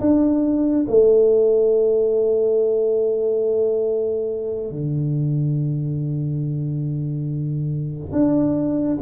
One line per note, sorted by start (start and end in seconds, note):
0.00 0.86 D4
0.88 4.71 A3
4.71 8.12 D3
8.12 8.98 D4